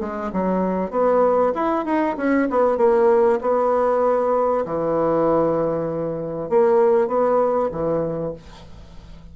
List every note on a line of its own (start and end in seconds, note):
0.00 0.31 G#3
0.32 0.91 F#3
0.91 1.52 B3
1.55 1.85 E4
1.85 2.16 D#4
2.17 2.48 C#4
2.50 2.78 B3
2.78 3.39 A#3
3.41 4.65 B3
4.65 6.49 E3
6.49 7.08 A#3
7.08 7.70 B3
7.72 8.33 E3